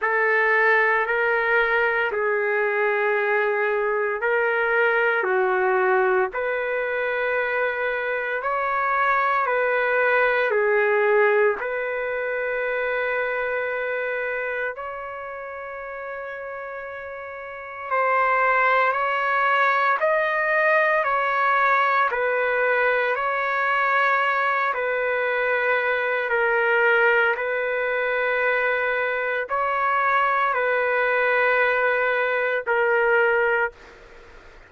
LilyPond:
\new Staff \with { instrumentName = "trumpet" } { \time 4/4 \tempo 4 = 57 a'4 ais'4 gis'2 | ais'4 fis'4 b'2 | cis''4 b'4 gis'4 b'4~ | b'2 cis''2~ |
cis''4 c''4 cis''4 dis''4 | cis''4 b'4 cis''4. b'8~ | b'4 ais'4 b'2 | cis''4 b'2 ais'4 | }